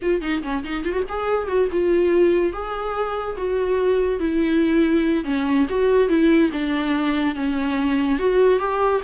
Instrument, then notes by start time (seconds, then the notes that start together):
viola
0.02 F4
0.21 D#4
0.42 C#4
0.64 D#4
0.84 F4
0.92 F#4
1.08 G#4
1.47 F#4
1.71 F4
2.52 G#4
3.37 F#4
4.19 E4
5.24 C#4
5.69 F#4
6.08 E4
6.52 D4
7.35 C#4
8.19 F#4
8.59 G4